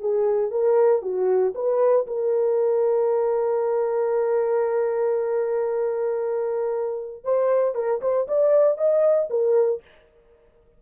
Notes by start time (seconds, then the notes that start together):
0.00 G#4
0.51 A#4
1.02 F#4
1.55 B4
2.07 A#4
7.24 C5
7.75 A#4
8.01 C5
8.28 D5
8.78 D#5
9.30 A#4